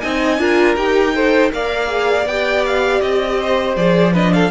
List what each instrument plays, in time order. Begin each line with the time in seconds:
0.00 cello C4, viola D#4, violin D#5 G#5
0.39 cello D4, viola F4, violin A#4
0.76 cello D#4, viola G4, violin G5
1.14 viola A4, violin C5
1.51 cello A#3, viola A#4, violin D5 F5
1.86 viola G#4
2.25 cello B3, viola G4, violin G5
2.65 violin F5
3.01 cello C4, violin D#5
3.40 violin C5
3.76 cello F3, viola G#4, violin D5
4.13 viola D4, violin B4 D#5
4.33 violin A4 F5